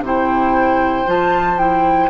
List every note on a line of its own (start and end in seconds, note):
0.00 1.03 C3
0.00 1.05 E4
0.00 2.09 C5
0.00 1.09 G5
1.05 2.09 F3
1.05 1.57 F4
1.05 1.58 A5
1.57 2.08 E4
1.57 2.09 G5